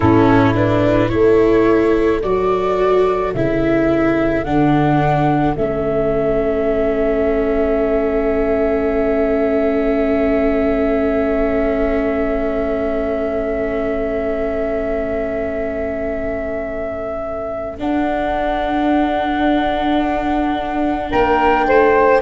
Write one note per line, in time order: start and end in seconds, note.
0.00 1.10 A2
0.00 0.54 C#4
0.00 1.08 E4
0.00 0.52 A4
0.54 1.09 D4
0.54 1.09 B4
1.09 2.22 A3
1.09 2.20 E4
1.09 21.10 A4
1.09 2.20 C#5
2.22 3.34 F#3
2.22 3.34 F#4
2.22 3.33 D5
3.34 4.44 C#3
3.34 4.45 E4
3.34 4.44 E5
4.44 5.55 D3
4.44 5.56 D4
4.44 5.55 F#5
5.55 17.79 A3
5.55 17.78 C#4
5.55 17.78 E5
17.78 22.21 D4
17.78 21.12 D4
17.78 21.10 F#5
21.10 21.66 A#3
21.10 21.66 A#4
21.10 22.21 G5
21.66 22.21 A3
21.66 22.21 C5